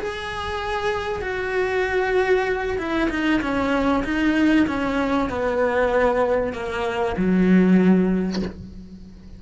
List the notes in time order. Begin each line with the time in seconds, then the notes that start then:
0.00 G#4
1.22 F#4
2.78 E4
3.10 D#4
3.42 C#4
4.04 D#4
4.68 C#4
5.30 B3
6.53 A#3
7.18 F#3